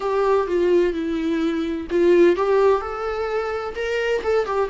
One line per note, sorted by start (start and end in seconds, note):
0.00 0.47 G4
0.47 0.93 F4
0.93 1.87 E4
1.90 2.36 F4
2.36 2.81 G4
2.81 3.75 A4
3.75 4.21 A#4
4.23 4.45 A4
4.45 4.69 G4